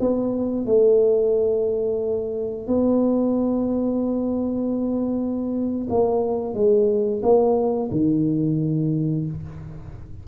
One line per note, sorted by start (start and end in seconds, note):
0.00 0.66 B3
0.66 2.67 A3
2.67 5.87 B3
5.90 6.54 A#3
6.54 7.22 G#3
7.22 7.90 A#3
7.91 9.26 D#3